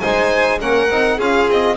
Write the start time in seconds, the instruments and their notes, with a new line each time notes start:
0.00 double bass G#3, trombone D#4, violin C5 G#5
0.60 double bass A#3, trombone C#4, violin A#4 F#5
0.90 double bass C4, trombone D#4
1.17 double bass C#4, trombone F4, violin G#4 F5
1.49 double bass C4, violin D#5